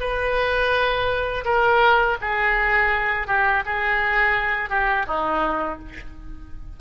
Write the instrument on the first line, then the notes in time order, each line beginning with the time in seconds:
oboe
0.00 B4
1.45 A#4
2.21 G#4
3.27 G4
3.66 G#4
4.70 G4
5.07 D#4